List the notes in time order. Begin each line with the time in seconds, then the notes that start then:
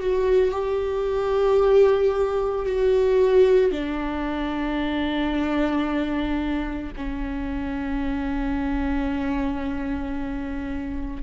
0.00 F#4
0.52 G4
2.66 F#4
3.71 D4
6.96 C#4